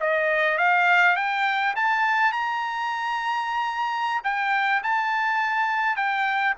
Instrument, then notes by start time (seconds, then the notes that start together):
trumpet
0.00 D#5
0.57 F5
1.16 G5
1.76 A5
2.32 A#5
4.24 G5
4.83 A5
5.96 G5